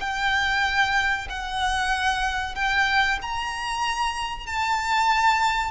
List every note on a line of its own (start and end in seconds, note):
0.00 1.28 G5
1.29 2.55 F#5
2.55 3.19 G5
3.21 4.47 A#5
4.47 5.71 A5